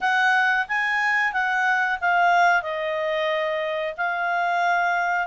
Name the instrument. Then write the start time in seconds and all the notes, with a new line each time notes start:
clarinet
0.00 F#5
0.68 G#5
1.32 F#5
2.00 F5
2.62 D#5
3.97 F5